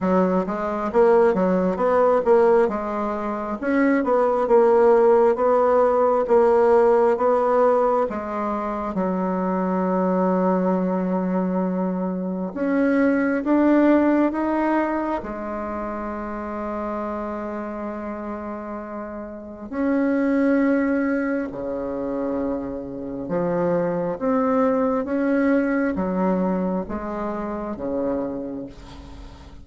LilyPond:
\new Staff \with { instrumentName = "bassoon" } { \time 4/4 \tempo 4 = 67 fis8 gis8 ais8 fis8 b8 ais8 gis4 | cis'8 b8 ais4 b4 ais4 | b4 gis4 fis2~ | fis2 cis'4 d'4 |
dis'4 gis2.~ | gis2 cis'2 | cis2 f4 c'4 | cis'4 fis4 gis4 cis4 | }